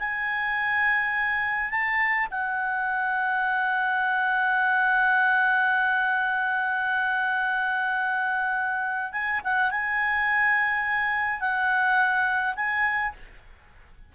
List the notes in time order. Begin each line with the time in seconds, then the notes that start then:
0.00 G#5
1.71 A5
2.31 F#5
9.13 G#5
9.44 F#5
9.71 G#5
11.41 F#5
12.56 G#5